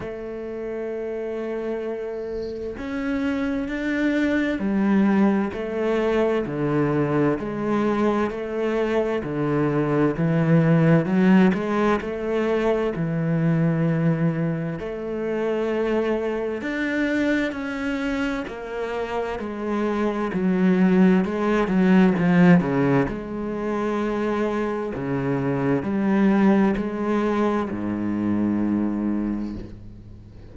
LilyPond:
\new Staff \with { instrumentName = "cello" } { \time 4/4 \tempo 4 = 65 a2. cis'4 | d'4 g4 a4 d4 | gis4 a4 d4 e4 | fis8 gis8 a4 e2 |
a2 d'4 cis'4 | ais4 gis4 fis4 gis8 fis8 | f8 cis8 gis2 cis4 | g4 gis4 gis,2 | }